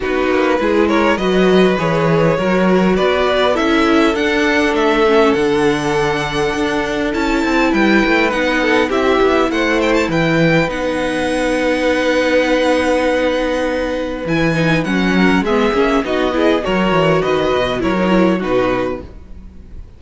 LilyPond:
<<
  \new Staff \with { instrumentName = "violin" } { \time 4/4 \tempo 4 = 101 b'4. cis''8 dis''4 cis''4~ | cis''4 d''4 e''4 fis''4 | e''4 fis''2. | a''4 g''4 fis''4 e''4 |
fis''8 g''16 a''16 g''4 fis''2~ | fis''1 | gis''4 fis''4 e''4 dis''4 | cis''4 dis''4 cis''4 b'4 | }
  \new Staff \with { instrumentName = "violin" } { \time 4/4 fis'4 gis'8 ais'8 b'2 | ais'4 b'4 a'2~ | a'1~ | a'4 b'4. a'8 g'4 |
c''4 b'2.~ | b'1~ | b'4. ais'8 gis'4 fis'8 gis'8 | ais'4 b'4 ais'4 fis'4 | }
  \new Staff \with { instrumentName = "viola" } { \time 4/4 dis'4 e'4 fis'4 gis'4 | fis'2 e'4 d'4~ | d'8 cis'8 d'2. | e'2 dis'4 e'4~ |
e'2 dis'2~ | dis'1 | e'8 dis'8 cis'4 b8 cis'8 dis'8 e'8 | fis'2 e'16 dis'16 e'8 dis'4 | }
  \new Staff \with { instrumentName = "cello" } { \time 4/4 b8 ais8 gis4 fis4 e4 | fis4 b4 cis'4 d'4 | a4 d2 d'4 | cis'8 c'8 g8 a8 b4 c'8 b8 |
a4 e4 b2~ | b1 | e4 fis4 gis8 ais8 b4 | fis8 e8 dis8 b,8 fis4 b,4 | }
>>